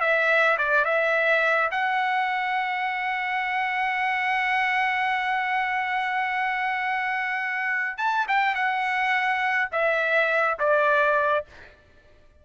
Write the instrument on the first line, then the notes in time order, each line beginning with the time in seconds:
trumpet
0.00 E5
0.58 D5
0.85 E5
1.71 F#5
7.98 A5
8.28 G5
8.55 F#5
9.72 E5
10.59 D5